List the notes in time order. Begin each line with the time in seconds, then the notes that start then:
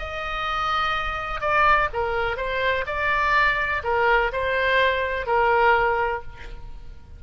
0.00 D#5
1.41 D5
1.94 A#4
2.37 C5
2.87 D5
3.84 A#4
4.33 C5
5.27 A#4